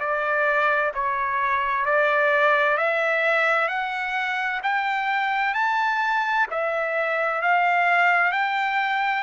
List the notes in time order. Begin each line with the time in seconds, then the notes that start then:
0.00 D5
0.94 C#5
1.85 D5
2.78 E5
3.68 F#5
4.63 G5
5.54 A5
6.51 E5
7.42 F5
8.32 G5